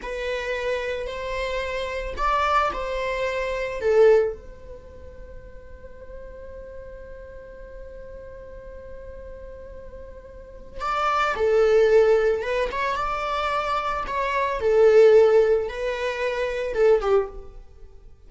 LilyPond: \new Staff \with { instrumentName = "viola" } { \time 4/4 \tempo 4 = 111 b'2 c''2 | d''4 c''2 a'4 | c''1~ | c''1~ |
c''1 | d''4 a'2 b'8 cis''8 | d''2 cis''4 a'4~ | a'4 b'2 a'8 g'8 | }